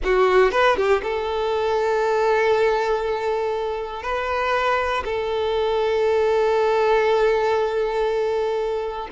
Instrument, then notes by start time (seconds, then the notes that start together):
violin
0.04 F#4
0.51 B4
0.76 G4
1.02 A4
4.02 B4
5.04 A4